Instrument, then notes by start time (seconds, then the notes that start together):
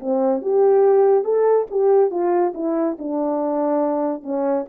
horn
0.00 C4
0.42 G4
1.25 A4
1.71 G4
2.11 F4
2.55 E4
2.99 D4
4.23 C#4